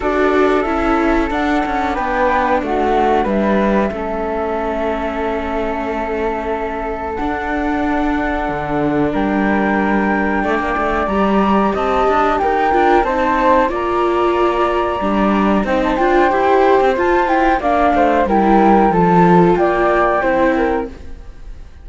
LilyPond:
<<
  \new Staff \with { instrumentName = "flute" } { \time 4/4 \tempo 4 = 92 d''4 e''4 fis''4 g''4 | fis''4 e''2.~ | e''2. fis''4~ | fis''2 g''2~ |
g''4 ais''4 a''4 g''4 | a''4 ais''2. | g''16 a''16 g''4. a''8 g''8 f''4 | g''4 a''4 g''2 | }
  \new Staff \with { instrumentName = "flute" } { \time 4/4 a'2. b'4 | fis'4 b'4 a'2~ | a'1~ | a'2 ais'2 |
d''2 dis''4 ais'4 | c''4 d''2. | c''2. d''8 c''8 | ais'4 a'4 d''4 c''8 ais'8 | }
  \new Staff \with { instrumentName = "viola" } { \time 4/4 fis'4 e'4 d'2~ | d'2 cis'2~ | cis'2. d'4~ | d'1~ |
d'4 g'2~ g'8 f'8 | dis'4 f'2 d'4 | dis'8 f'8 g'4 f'8 e'8 d'4 | e'4 f'2 e'4 | }
  \new Staff \with { instrumentName = "cello" } { \time 4/4 d'4 cis'4 d'8 cis'8 b4 | a4 g4 a2~ | a2. d'4~ | d'4 d4 g2 |
a16 ais16 a8 g4 c'8 d'8 dis'8 d'8 | c'4 ais2 g4 | c'8 d'8 e'8. c'16 f'4 ais8 a8 | g4 f4 ais4 c'4 | }
>>